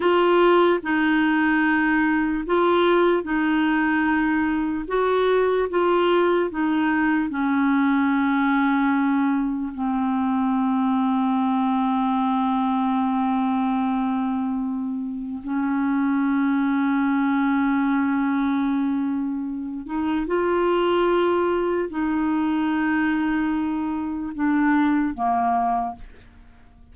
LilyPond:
\new Staff \with { instrumentName = "clarinet" } { \time 4/4 \tempo 4 = 74 f'4 dis'2 f'4 | dis'2 fis'4 f'4 | dis'4 cis'2. | c'1~ |
c'2. cis'4~ | cis'1~ | cis'8 dis'8 f'2 dis'4~ | dis'2 d'4 ais4 | }